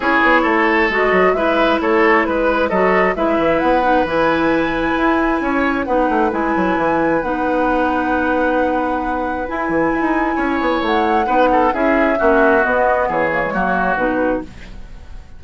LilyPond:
<<
  \new Staff \with { instrumentName = "flute" } { \time 4/4 \tempo 4 = 133 cis''2 dis''4 e''4 | cis''4 b'4 dis''4 e''4 | fis''4 gis''2.~ | gis''4 fis''4 gis''2 |
fis''1~ | fis''4 gis''2. | fis''2 e''2 | dis''4 cis''2 b'4 | }
  \new Staff \with { instrumentName = "oboe" } { \time 4/4 gis'4 a'2 b'4 | a'4 b'4 a'4 b'4~ | b'1 | cis''4 b'2.~ |
b'1~ | b'2. cis''4~ | cis''4 b'8 a'8 gis'4 fis'4~ | fis'4 gis'4 fis'2 | }
  \new Staff \with { instrumentName = "clarinet" } { \time 4/4 e'2 fis'4 e'4~ | e'2 fis'4 e'4~ | e'8 dis'8 e'2.~ | e'4 dis'4 e'2 |
dis'1~ | dis'4 e'2.~ | e'4 dis'4 e'4 cis'4 | b4. ais16 gis16 ais4 dis'4 | }
  \new Staff \with { instrumentName = "bassoon" } { \time 4/4 cis'8 b8 a4 gis8 fis8 gis4 | a4 gis4 fis4 gis8 e8 | b4 e2 e'4 | cis'4 b8 a8 gis8 fis8 e4 |
b1~ | b4 e'8 e8 e'16 dis'8. cis'8 b8 | a4 b4 cis'4 ais4 | b4 e4 fis4 b,4 | }
>>